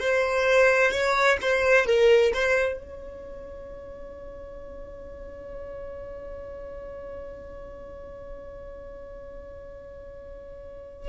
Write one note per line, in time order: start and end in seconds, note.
0.00 0.92 C5
0.92 1.38 C#5
1.42 1.86 C5
1.86 2.32 A#4
2.34 2.79 C5
2.79 11.09 C#5